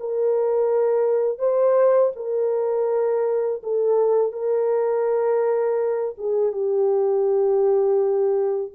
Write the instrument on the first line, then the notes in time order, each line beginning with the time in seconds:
horn
0.00 A#4
1.39 C5
2.16 A#4
3.63 A4
4.32 A#4
6.18 G#4
6.53 G4